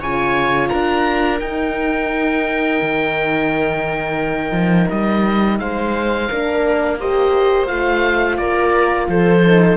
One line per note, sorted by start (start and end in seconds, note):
0.00 0.70 C#3
0.00 1.41 F4
0.00 0.70 C#5
0.00 0.69 G#5
0.69 1.41 D4
0.69 5.60 A#4
0.69 1.39 A#5
1.40 6.29 D#4
1.40 2.81 D#4
1.40 4.89 G5
2.82 4.52 D#3
4.52 4.87 F3
4.90 5.60 G3
4.90 5.59 D#5
5.59 6.30 G#3
5.59 6.29 C5
5.59 6.99 F5
6.29 7.70 A#3
6.29 7.00 D4
6.29 6.99 A#4
7.00 7.67 G4
7.00 8.39 C5
7.00 7.67 D#5
7.67 8.38 A3
7.67 9.42 F4
7.67 8.37 F5
8.38 9.08 A#3
8.38 9.09 A#4
8.38 9.07 D5
9.09 9.78 F3
9.09 9.78 A4
9.09 9.78 C5
9.46 9.78 D#4